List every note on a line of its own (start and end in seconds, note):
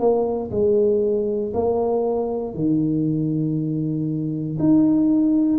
0.00 0.51 A#3
0.51 1.53 G#3
1.54 2.54 A#3
2.54 4.58 D#3
4.59 5.59 D#4